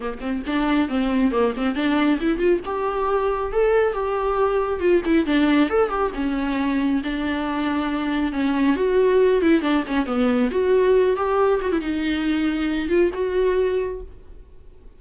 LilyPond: \new Staff \with { instrumentName = "viola" } { \time 4/4 \tempo 4 = 137 ais8 c'8 d'4 c'4 ais8 c'8 | d'4 e'8 f'8 g'2 | a'4 g'2 f'8 e'8 | d'4 a'8 g'8 cis'2 |
d'2. cis'4 | fis'4. e'8 d'8 cis'8 b4 | fis'4. g'4 fis'16 e'16 dis'4~ | dis'4. f'8 fis'2 | }